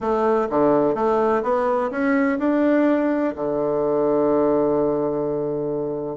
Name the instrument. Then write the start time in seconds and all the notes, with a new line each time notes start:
bassoon
0.00 A3
0.49 D3
0.94 A3
1.42 B3
1.90 C#4
2.39 D4
3.35 D3